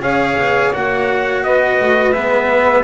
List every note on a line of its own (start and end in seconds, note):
0.00 0.35 C#4
0.00 0.72 G#4
0.00 1.42 C#5
0.00 0.73 F5
0.37 0.72 B3
0.73 1.44 A#3
0.73 2.14 F#4
0.73 1.43 F#5
1.43 1.79 B3
1.43 2.84 B4
1.43 2.12 D#5
1.80 2.13 A3
2.12 2.84 G#3
2.12 2.84 B3
2.12 2.83 E5